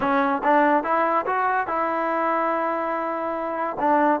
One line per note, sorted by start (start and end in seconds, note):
0.00 0.42 C#4
0.43 0.83 D4
0.83 1.25 E4
1.26 1.67 F#4
1.67 3.76 E4
3.79 4.20 D4